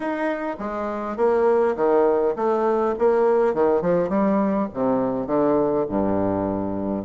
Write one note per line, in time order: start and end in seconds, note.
0.00 0.56 D#4
0.59 1.17 G#3
1.17 1.75 A#3
1.76 2.34 D#3
2.36 2.94 A3
2.98 3.54 A#3
3.54 3.81 D#3
3.81 4.09 F3
4.09 4.68 G3
4.73 5.26 C3
5.26 5.85 D3
5.88 7.05 G2